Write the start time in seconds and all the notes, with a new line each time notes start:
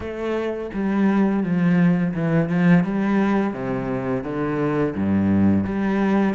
0.00 A3
0.73 G3
1.43 F3
2.14 E3
2.49 F3
2.84 G3
3.53 C3
4.23 D3
4.95 G2
5.64 G3